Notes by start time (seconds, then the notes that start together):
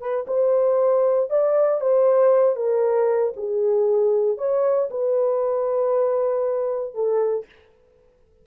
0.00 B4
0.27 C5
1.30 D5
1.81 C5
2.56 A#4
3.36 G#4
4.38 C#5
4.90 B4
6.94 A4